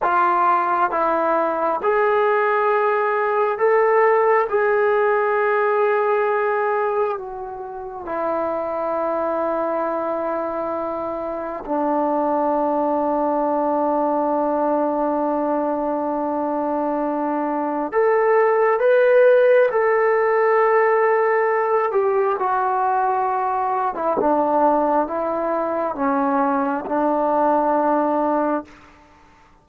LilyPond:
\new Staff \with { instrumentName = "trombone" } { \time 4/4 \tempo 4 = 67 f'4 e'4 gis'2 | a'4 gis'2. | fis'4 e'2.~ | e'4 d'2.~ |
d'1 | a'4 b'4 a'2~ | a'8 g'8 fis'4.~ fis'16 e'16 d'4 | e'4 cis'4 d'2 | }